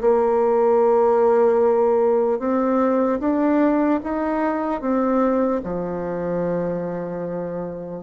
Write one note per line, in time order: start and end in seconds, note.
0.00 2.39 A#3
2.39 3.19 C4
3.20 4.00 D4
4.03 4.81 D#4
4.81 5.61 C4
5.63 8.02 F3